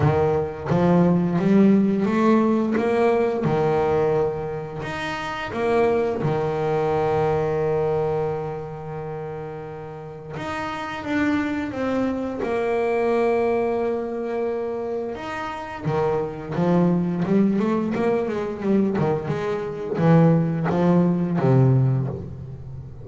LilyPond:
\new Staff \with { instrumentName = "double bass" } { \time 4/4 \tempo 4 = 87 dis4 f4 g4 a4 | ais4 dis2 dis'4 | ais4 dis2.~ | dis2. dis'4 |
d'4 c'4 ais2~ | ais2 dis'4 dis4 | f4 g8 a8 ais8 gis8 g8 dis8 | gis4 e4 f4 c4 | }